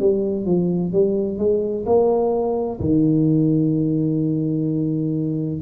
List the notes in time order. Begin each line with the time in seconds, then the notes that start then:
0.00 G3
0.46 F3
0.93 G3
1.38 G#3
1.86 A#3
2.80 D#3